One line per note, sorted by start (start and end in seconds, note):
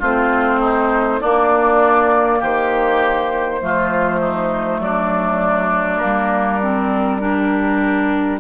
0.00 1.22 A3
0.00 1.22 C4
0.00 0.60 F4
0.00 1.22 C5
0.60 1.20 D#4
1.22 3.61 A#3
1.22 2.43 A#3
1.22 2.40 D4
1.22 2.42 D5
2.40 3.62 D#3
2.40 3.60 G4
2.40 4.82 C5
3.61 4.80 F3
3.61 6.01 A3
3.61 4.20 F4
4.20 4.80 D#4
4.80 6.00 F#3
4.80 7.22 D4
4.80 5.99 D5
5.99 8.40 G3
5.99 6.61 A#3
5.99 8.38 A#4
6.63 7.21 C4
7.21 8.40 D4
7.21 8.40 G4